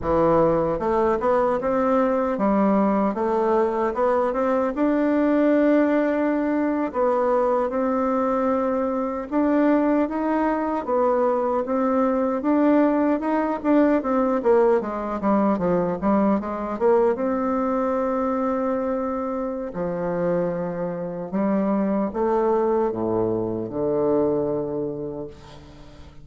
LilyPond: \new Staff \with { instrumentName = "bassoon" } { \time 4/4 \tempo 4 = 76 e4 a8 b8 c'4 g4 | a4 b8 c'8 d'2~ | d'8. b4 c'2 d'16~ | d'8. dis'4 b4 c'4 d'16~ |
d'8. dis'8 d'8 c'8 ais8 gis8 g8 f16~ | f16 g8 gis8 ais8 c'2~ c'16~ | c'4 f2 g4 | a4 a,4 d2 | }